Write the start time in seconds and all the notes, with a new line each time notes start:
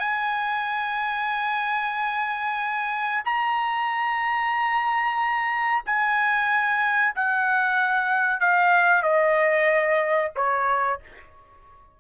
0.00 G#5
3.26 A#5
5.86 G#5
7.16 F#5
8.40 F5
9.03 D#5
10.36 C#5